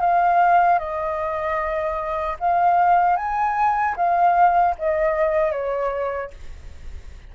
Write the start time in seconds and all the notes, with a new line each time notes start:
0.00 F5
0.78 D#5
2.39 F5
3.16 G#5
3.96 F5
4.78 D#5
5.51 C#5